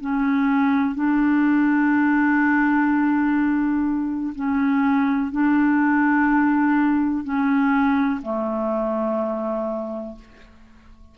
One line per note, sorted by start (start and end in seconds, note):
0.00 0.95 C#4
0.95 4.33 D4
4.35 5.31 C#4
5.31 7.24 D4
7.24 8.20 C#4
8.22 10.15 A3